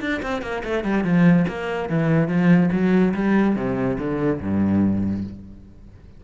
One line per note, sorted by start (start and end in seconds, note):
0.00 0.21 D4
0.22 0.42 C4
0.42 0.63 A#3
0.64 0.84 A3
0.84 1.04 G3
1.04 1.45 F3
1.48 1.89 A#3
1.89 2.28 E3
2.28 2.70 F3
2.72 3.13 F#3
3.14 3.55 G3
3.56 3.97 C3
3.98 4.40 D3
4.41 5.24 G2